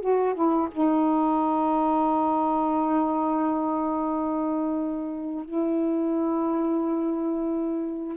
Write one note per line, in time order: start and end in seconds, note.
0.00 0.34 F#4
0.34 0.68 E4
0.71 5.44 D#4
5.44 8.16 E4